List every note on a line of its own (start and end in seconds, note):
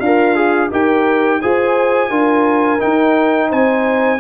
0.00 0.70 D4
0.00 0.71 F4
0.00 0.35 A#4
0.00 0.70 F5
0.35 0.70 G#4
0.70 1.41 D#4
0.70 1.40 G4
0.70 1.41 A#4
0.70 1.41 G5
1.41 2.10 F4
1.41 2.10 G#4
1.41 2.10 C5
1.41 2.81 G#5
2.10 2.80 D4
2.10 2.79 F4
2.10 3.49 A#4
2.79 4.19 D#4
2.79 3.52 D#4
2.79 3.50 G5
3.49 4.20 C4
3.49 4.18 C5
3.49 4.20 G#5